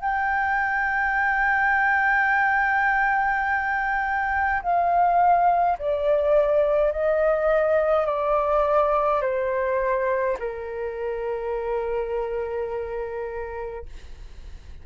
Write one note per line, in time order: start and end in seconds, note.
0.00 4.62 G5
4.62 5.77 F5
5.78 6.92 D5
6.92 8.06 D#5
8.06 9.22 D5
9.22 10.37 C5
10.39 13.85 A#4